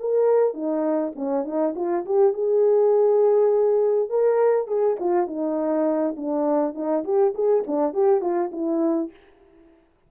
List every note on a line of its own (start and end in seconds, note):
0.00 0.54 A#4
0.54 1.13 D#4
1.16 1.45 C#4
1.45 1.74 D#4
1.76 2.05 F4
2.06 2.34 G4
2.34 4.10 G#4
4.10 4.68 A#4
4.68 4.97 G#4
5.00 5.27 F4
5.27 6.16 D#4
6.17 6.75 D4
6.75 7.04 D#4
7.04 7.34 G4
7.35 7.64 G#4
7.67 7.94 D4
7.94 8.21 G4
8.21 8.51 F4
8.52 9.11 E4